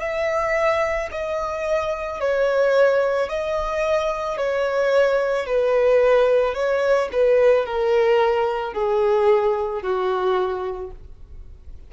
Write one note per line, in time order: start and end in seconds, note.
0.00 1.09 E5
1.12 2.20 D#5
2.20 3.29 C#5
3.29 4.37 D#5
4.37 5.46 C#5
5.46 6.55 B4
6.55 7.09 C#5
7.12 7.66 B4
7.66 8.74 A#4
8.74 9.82 G#4
9.82 10.91 F#4